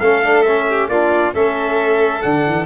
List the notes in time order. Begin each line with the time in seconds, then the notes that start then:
0.00 A3 C#4 A4 F5
0.24 D4
0.43 C#4 E5
0.70 G4
0.89 A#3 D4 F4 D5
1.34 A3 C#4 A4 E5
2.22 D3 D4 F#5
2.47 E3